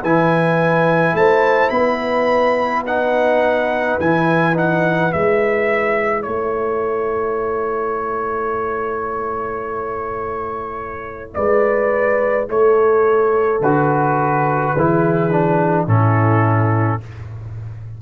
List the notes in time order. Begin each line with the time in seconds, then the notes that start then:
0.00 E3 E4 B4 G#5
1.13 A3 C5 A5
1.70 B3 B4 B5
2.87 D#4 F#5
4.00 E3 E4 G#5
4.54 D#4 F#5
5.11 G#3 E4 E5
6.22 A3 A4 C#5
11.34 G#3 B4 D5
12.49 A3 A4 C#5
13.61 D3 F#4 B4
14.77 E3 E4 G#4
15.31 D4
15.87 A2 C#4 E4 A4